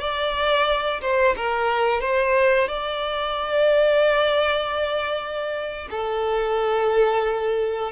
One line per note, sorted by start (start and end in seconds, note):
0.00 1.01 D5
1.02 1.35 C5
1.37 2.01 A#4
2.01 2.68 C5
2.68 5.89 D5
5.91 7.92 A4